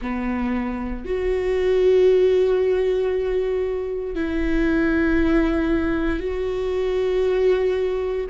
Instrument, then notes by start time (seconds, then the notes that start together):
viola
0.01 B3
1.04 F#4
4.15 E4
6.19 F#4